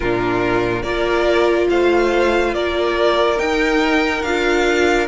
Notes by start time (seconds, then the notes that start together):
0.00 A#2 D4 F4 A#4
0.82 A#3 F4 A#4 D5
1.69 A3 C5 F5
2.54 A#3 A#4 D5
3.36 D#4 G5
4.22 D4 F4 F5